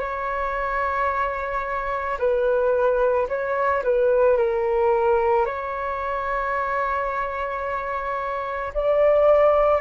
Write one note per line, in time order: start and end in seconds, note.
0.00 2.18 C#5
2.19 3.28 B4
3.28 3.83 C#5
3.84 4.37 B4
4.37 5.45 A#4
5.45 8.73 C#5
8.74 9.81 D5